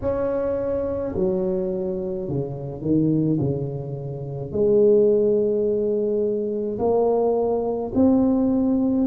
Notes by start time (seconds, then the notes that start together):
0.01 C#4
1.15 F#3
2.28 C#3
2.81 D#3
3.40 C#3
4.52 G#3
6.78 A#3
7.94 C4